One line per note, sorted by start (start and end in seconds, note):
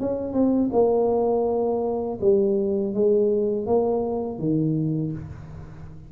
0.00 0.33 C#4
0.33 0.70 C4
0.73 2.19 A#3
2.21 2.94 G3
2.94 3.66 G#3
3.66 4.39 A#3
4.39 5.12 D#3